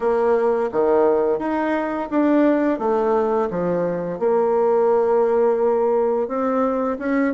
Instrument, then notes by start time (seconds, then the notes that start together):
bassoon
0.00 A#3
0.72 D#3
1.39 D#4
2.10 D4
2.78 A3
3.50 F3
4.19 A#3
6.28 C4
6.99 C#4